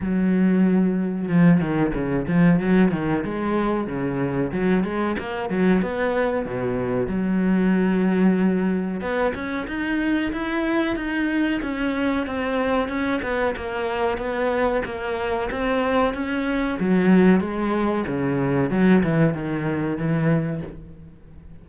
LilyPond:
\new Staff \with { instrumentName = "cello" } { \time 4/4 \tempo 4 = 93 fis2 f8 dis8 cis8 f8 | fis8 dis8 gis4 cis4 fis8 gis8 | ais8 fis8 b4 b,4 fis4~ | fis2 b8 cis'8 dis'4 |
e'4 dis'4 cis'4 c'4 | cis'8 b8 ais4 b4 ais4 | c'4 cis'4 fis4 gis4 | cis4 fis8 e8 dis4 e4 | }